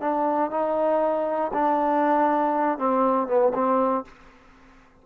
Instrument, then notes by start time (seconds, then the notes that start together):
trombone
0.00 D4
0.50 D#4
1.53 D4
2.78 C4
3.27 B3
3.54 C4